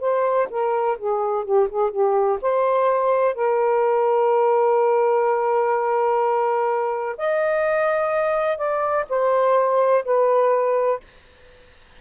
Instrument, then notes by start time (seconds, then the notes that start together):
saxophone
0.00 C5
0.50 A#4
0.98 G#4
1.44 G4
1.69 G#4
1.90 G4
2.41 C5
3.35 A#4
7.17 D#5
8.58 D5
9.09 C5
10.05 B4